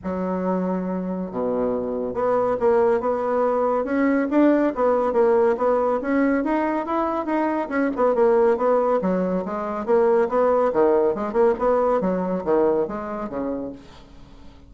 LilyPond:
\new Staff \with { instrumentName = "bassoon" } { \time 4/4 \tempo 4 = 140 fis2. b,4~ | b,4 b4 ais4 b4~ | b4 cis'4 d'4 b4 | ais4 b4 cis'4 dis'4 |
e'4 dis'4 cis'8 b8 ais4 | b4 fis4 gis4 ais4 | b4 dis4 gis8 ais8 b4 | fis4 dis4 gis4 cis4 | }